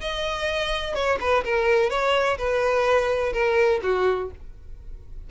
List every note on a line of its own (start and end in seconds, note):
0.00 0.95 D#5
0.95 1.18 C#5
1.20 1.44 B4
1.44 1.90 A#4
1.90 2.37 C#5
2.37 3.33 B4
3.33 3.80 A#4
3.82 4.30 F#4